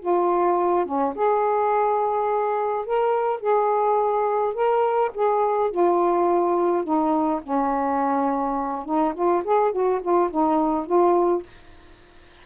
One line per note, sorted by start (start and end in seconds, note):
0.00 0.86 F4
0.86 1.14 C#4
1.16 2.86 G#4
2.86 3.41 A#4
3.41 4.54 G#4
4.54 5.11 A#4
5.14 5.71 G#4
5.71 6.84 F4
6.84 7.41 D#4
7.43 8.85 C#4
8.85 9.14 D#4
9.15 9.43 F4
9.45 9.72 G#4
9.72 10.01 F#4
10.02 10.30 F4
10.31 10.86 D#4
10.86 11.43 F4